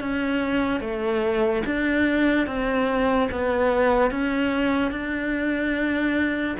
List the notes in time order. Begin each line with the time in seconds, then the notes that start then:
0.00 C#4
0.80 A3
1.66 D4
2.47 C4
3.31 B3
4.11 C#4
4.91 D4